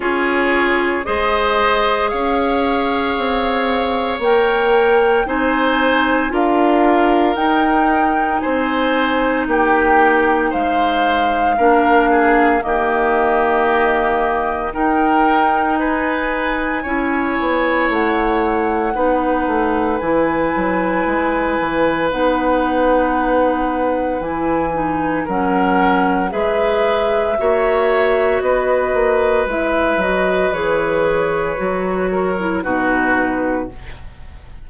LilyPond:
<<
  \new Staff \with { instrumentName = "flute" } { \time 4/4 \tempo 4 = 57 cis''4 dis''4 f''2 | g''4 gis''4 f''4 g''4 | gis''4 g''4 f''2 | dis''2 g''4 gis''4~ |
gis''4 fis''2 gis''4~ | gis''4 fis''2 gis''4 | fis''4 e''2 dis''4 | e''8 dis''8 cis''2 b'4 | }
  \new Staff \with { instrumentName = "oboe" } { \time 4/4 gis'4 c''4 cis''2~ | cis''4 c''4 ais'2 | c''4 g'4 c''4 ais'8 gis'8 | g'2 ais'4 b'4 |
cis''2 b'2~ | b'1 | ais'4 b'4 cis''4 b'4~ | b'2~ b'8 ais'8 fis'4 | }
  \new Staff \with { instrumentName = "clarinet" } { \time 4/4 f'4 gis'2. | ais'4 dis'4 f'4 dis'4~ | dis'2. d'4 | ais2 dis'2 |
e'2 dis'4 e'4~ | e'4 dis'2 e'8 dis'8 | cis'4 gis'4 fis'2 | e'8 fis'8 gis'4 fis'8. e'16 dis'4 | }
  \new Staff \with { instrumentName = "bassoon" } { \time 4/4 cis'4 gis4 cis'4 c'4 | ais4 c'4 d'4 dis'4 | c'4 ais4 gis4 ais4 | dis2 dis'2 |
cis'8 b8 a4 b8 a8 e8 fis8 | gis8 e8 b2 e4 | fis4 gis4 ais4 b8 ais8 | gis8 fis8 e4 fis4 b,4 | }
>>